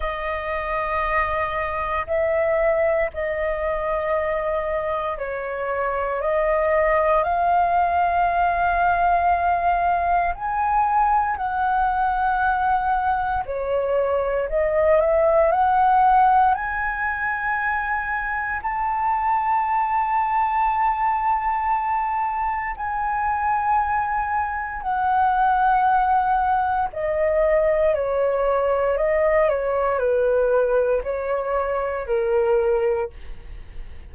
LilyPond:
\new Staff \with { instrumentName = "flute" } { \time 4/4 \tempo 4 = 58 dis''2 e''4 dis''4~ | dis''4 cis''4 dis''4 f''4~ | f''2 gis''4 fis''4~ | fis''4 cis''4 dis''8 e''8 fis''4 |
gis''2 a''2~ | a''2 gis''2 | fis''2 dis''4 cis''4 | dis''8 cis''8 b'4 cis''4 ais'4 | }